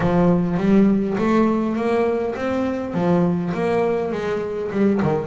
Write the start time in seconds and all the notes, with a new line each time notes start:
0.00 F3
0.57 G3
1.18 A3
1.76 A#3
2.35 C4
2.94 F3
3.54 A#3
4.12 G#3
4.71 G3
5.02 D#3